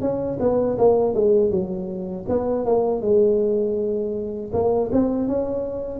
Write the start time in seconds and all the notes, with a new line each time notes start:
0.00 C#4
0.40 B3
0.78 A#3
1.14 G#3
1.50 F#3
2.28 B3
2.65 A#3
3.01 G#3
4.53 A#3
4.92 C4
5.27 C#4